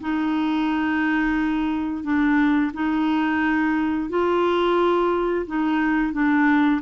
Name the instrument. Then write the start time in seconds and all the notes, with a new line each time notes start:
clarinet
0.00 D#4
2.03 D4
2.73 D#4
4.09 F4
5.46 D#4
6.12 D4